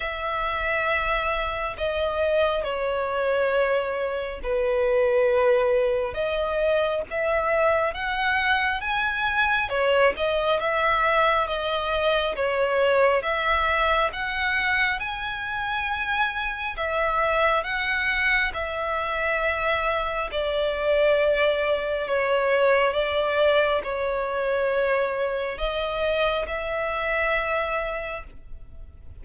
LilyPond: \new Staff \with { instrumentName = "violin" } { \time 4/4 \tempo 4 = 68 e''2 dis''4 cis''4~ | cis''4 b'2 dis''4 | e''4 fis''4 gis''4 cis''8 dis''8 | e''4 dis''4 cis''4 e''4 |
fis''4 gis''2 e''4 | fis''4 e''2 d''4~ | d''4 cis''4 d''4 cis''4~ | cis''4 dis''4 e''2 | }